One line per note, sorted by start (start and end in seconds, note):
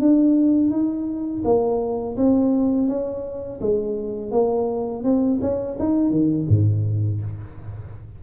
0.00 0.71 D4
0.71 1.43 D#4
1.44 2.17 A#3
2.17 2.88 C4
2.88 3.60 C#4
3.61 4.31 G#3
4.31 5.03 A#3
5.03 5.40 C4
5.41 5.77 C#4
5.79 6.10 D#4
6.10 6.46 D#3
6.49 7.21 G#2